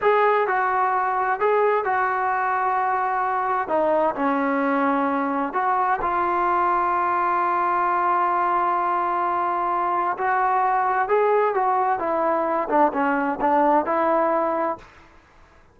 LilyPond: \new Staff \with { instrumentName = "trombone" } { \time 4/4 \tempo 4 = 130 gis'4 fis'2 gis'4 | fis'1 | dis'4 cis'2. | fis'4 f'2.~ |
f'1~ | f'2 fis'2 | gis'4 fis'4 e'4. d'8 | cis'4 d'4 e'2 | }